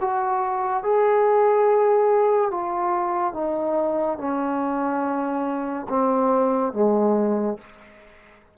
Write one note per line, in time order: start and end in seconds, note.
0.00 0.83 F#4
0.83 2.50 G#4
2.50 3.33 F4
3.33 4.18 D#4
4.18 5.87 C#4
5.88 6.73 C4
6.73 7.57 G#3